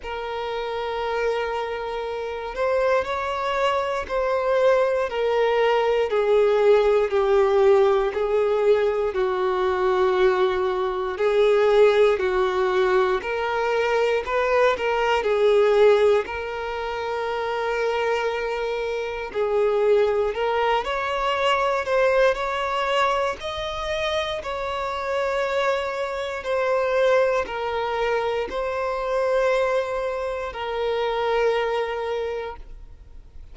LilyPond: \new Staff \with { instrumentName = "violin" } { \time 4/4 \tempo 4 = 59 ais'2~ ais'8 c''8 cis''4 | c''4 ais'4 gis'4 g'4 | gis'4 fis'2 gis'4 | fis'4 ais'4 b'8 ais'8 gis'4 |
ais'2. gis'4 | ais'8 cis''4 c''8 cis''4 dis''4 | cis''2 c''4 ais'4 | c''2 ais'2 | }